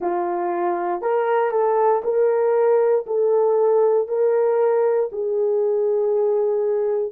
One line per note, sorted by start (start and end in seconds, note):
0.00 1.01 F4
1.01 1.51 A#4
1.51 2.02 A4
2.03 3.05 A#4
3.06 4.07 A4
4.07 5.09 A#4
5.12 7.12 G#4